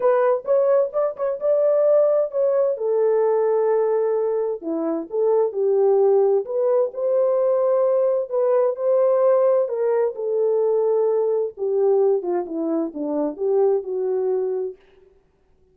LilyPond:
\new Staff \with { instrumentName = "horn" } { \time 4/4 \tempo 4 = 130 b'4 cis''4 d''8 cis''8 d''4~ | d''4 cis''4 a'2~ | a'2 e'4 a'4 | g'2 b'4 c''4~ |
c''2 b'4 c''4~ | c''4 ais'4 a'2~ | a'4 g'4. f'8 e'4 | d'4 g'4 fis'2 | }